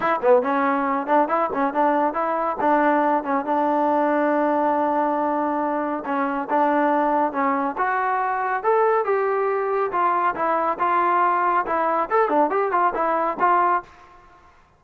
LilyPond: \new Staff \with { instrumentName = "trombone" } { \time 4/4 \tempo 4 = 139 e'8 b8 cis'4. d'8 e'8 cis'8 | d'4 e'4 d'4. cis'8 | d'1~ | d'2 cis'4 d'4~ |
d'4 cis'4 fis'2 | a'4 g'2 f'4 | e'4 f'2 e'4 | a'8 d'8 g'8 f'8 e'4 f'4 | }